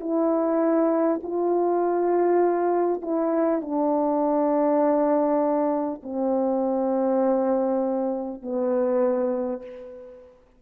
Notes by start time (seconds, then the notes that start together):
0.00 E4
1.23 F4
3.02 E4
3.61 D4
6.03 C4
8.42 B3